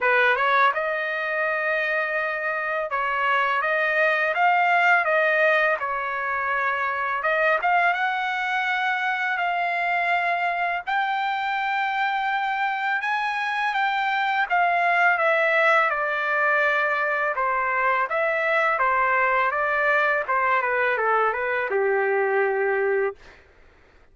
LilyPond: \new Staff \with { instrumentName = "trumpet" } { \time 4/4 \tempo 4 = 83 b'8 cis''8 dis''2. | cis''4 dis''4 f''4 dis''4 | cis''2 dis''8 f''8 fis''4~ | fis''4 f''2 g''4~ |
g''2 gis''4 g''4 | f''4 e''4 d''2 | c''4 e''4 c''4 d''4 | c''8 b'8 a'8 b'8 g'2 | }